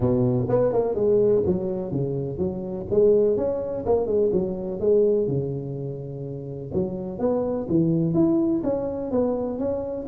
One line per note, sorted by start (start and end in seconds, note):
0.00 0.46 B2
0.48 0.72 B3
0.72 0.94 A#3
0.94 1.42 G#3
1.46 1.91 F#3
1.91 2.38 C#3
2.38 2.86 F#3
2.90 3.36 G#3
3.36 3.84 C#4
3.85 4.06 A#3
4.06 4.30 G#3
4.32 4.80 F#3
4.80 5.27 G#3
5.27 6.71 C#3
6.73 7.18 F#3
7.18 7.66 B3
7.68 8.14 E3
8.14 8.62 E4
8.63 9.11 C#4
9.11 9.59 B3
9.59 10.07 C#4